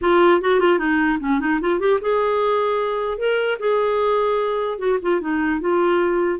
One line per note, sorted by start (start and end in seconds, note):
0.01 0.41 F4
0.41 0.59 F#4
0.59 0.78 F4
0.78 1.18 D#4
1.20 1.40 C#4
1.40 1.60 D#4
1.60 1.79 F4
1.79 1.99 G4
2.01 3.17 G#4
3.17 3.57 A#4
3.59 4.78 G#4
4.78 4.98 F#4
5.02 5.21 F4
5.21 5.60 D#4
5.60 6.39 F4